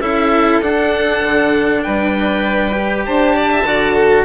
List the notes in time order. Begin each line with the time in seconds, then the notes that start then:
0.00 C#4 E4 A4 E5
0.61 D4 F#5
1.23 D3
1.83 G3 B4 G5
2.72 G4
3.06 D4 C5 A5
3.36 D5
3.52 E5
3.64 D3 F#4 D5
3.94 A4